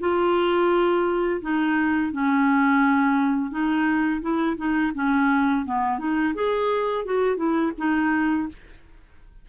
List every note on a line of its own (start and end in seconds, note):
0.00 1.41 F4
1.42 2.12 D#4
2.12 3.51 C#4
3.51 4.21 D#4
4.21 4.57 E4
4.57 4.93 D#4
4.95 5.66 C#4
5.66 5.99 B3
5.99 6.34 D#4
6.35 7.05 G#4
7.05 7.37 F#4
7.37 7.72 E4
7.78 8.49 D#4